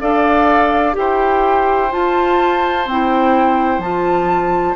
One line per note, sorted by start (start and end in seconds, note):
0.00 0.97 D4
0.00 0.93 A4
0.00 0.96 D5
0.00 0.96 F5
0.93 1.92 E4
0.93 1.88 G4
0.93 4.76 C5
0.93 1.93 G5
1.91 2.86 F4
1.91 2.88 A5
2.86 3.79 C4
2.86 3.82 E4
2.86 3.81 G5
3.79 4.74 F3
3.79 4.76 F4
3.79 4.76 A5